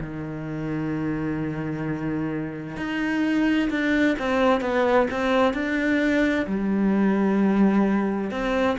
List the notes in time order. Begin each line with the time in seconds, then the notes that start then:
0.00 D#3
2.77 D#4
3.70 D4
4.19 C4
4.61 B3
5.11 C4
5.53 D4
6.46 G3
8.31 C4